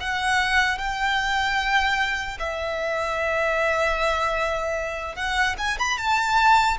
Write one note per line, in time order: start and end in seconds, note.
0.00 0.78 F#5
0.78 2.38 G5
2.39 5.16 E5
5.16 5.56 F#5
5.58 5.78 G#5
5.79 5.97 B5
5.97 6.77 A5